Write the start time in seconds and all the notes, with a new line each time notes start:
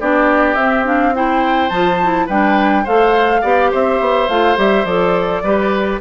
0.00 B3 D4 G4 D5
0.55 C4 E5
0.85 D4 F5
1.14 E4 C5 G5
1.69 F3 F4 A5
2.02 E4
2.26 G3 D4 B4 G5
2.84 A3 A4 C5 F5
3.41 B3 G4 D5
3.71 C4 C5 E5
4.00 B3
4.28 A3 F4 F5
4.56 G3 G4 E5
4.85 F3 A4 D5
5.43 G3 G4 B4